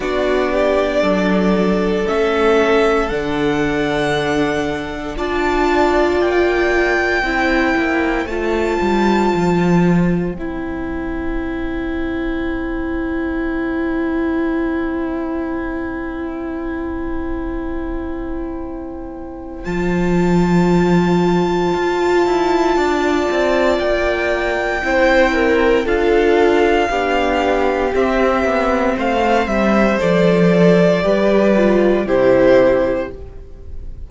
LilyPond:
<<
  \new Staff \with { instrumentName = "violin" } { \time 4/4 \tempo 4 = 58 d''2 e''4 fis''4~ | fis''4 a''4 g''2 | a''2 g''2~ | g''1~ |
g''2. a''4~ | a''2. g''4~ | g''4 f''2 e''4 | f''8 e''8 d''2 c''4 | }
  \new Staff \with { instrumentName = "violin" } { \time 4/4 fis'8 g'8 a'2.~ | a'4 d''2 c''4~ | c''1~ | c''1~ |
c''1~ | c''2 d''2 | c''8 ais'8 a'4 g'2 | c''2 b'4 g'4 | }
  \new Staff \with { instrumentName = "viola" } { \time 4/4 d'2 cis'4 d'4~ | d'4 f'2 e'4 | f'2 e'2~ | e'1~ |
e'2. f'4~ | f'1 | e'4 f'4 d'4 c'4~ | c'4 a'4 g'8 f'8 e'4 | }
  \new Staff \with { instrumentName = "cello" } { \time 4/4 b4 fis4 a4 d4~ | d4 d'4 ais4 c'8 ais8 | a8 g8 f4 c'2~ | c'1~ |
c'2. f4~ | f4 f'8 e'8 d'8 c'8 ais4 | c'4 d'4 b4 c'8 b8 | a8 g8 f4 g4 c4 | }
>>